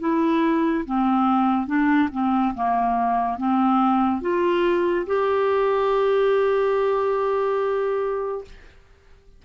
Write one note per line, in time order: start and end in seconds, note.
0.00 0.85 E4
0.86 1.67 C4
1.67 2.09 D4
2.12 2.55 C4
2.55 3.38 A#3
3.38 4.22 C4
4.22 5.06 F4
5.07 8.45 G4